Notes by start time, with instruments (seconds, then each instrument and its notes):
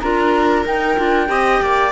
0.00 cello D4, clarinet F4, viola A#4, flute A#5
0.65 clarinet D#4, cello D#4, flute G5
0.97 cello D4, clarinet F4
1.27 cello C4, clarinet G4, viola D#5
1.61 cello A#3, viola D5